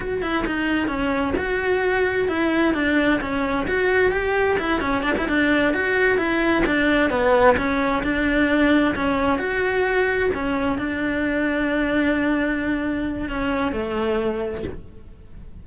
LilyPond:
\new Staff \with { instrumentName = "cello" } { \time 4/4 \tempo 4 = 131 fis'8 e'8 dis'4 cis'4 fis'4~ | fis'4 e'4 d'4 cis'4 | fis'4 g'4 e'8 cis'8 d'16 e'16 d'8~ | d'8 fis'4 e'4 d'4 b8~ |
b8 cis'4 d'2 cis'8~ | cis'8 fis'2 cis'4 d'8~ | d'1~ | d'4 cis'4 a2 | }